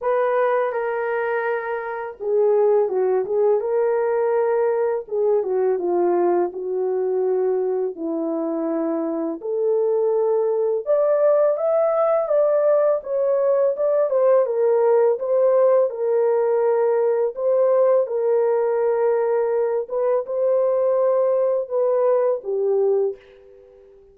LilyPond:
\new Staff \with { instrumentName = "horn" } { \time 4/4 \tempo 4 = 83 b'4 ais'2 gis'4 | fis'8 gis'8 ais'2 gis'8 fis'8 | f'4 fis'2 e'4~ | e'4 a'2 d''4 |
e''4 d''4 cis''4 d''8 c''8 | ais'4 c''4 ais'2 | c''4 ais'2~ ais'8 b'8 | c''2 b'4 g'4 | }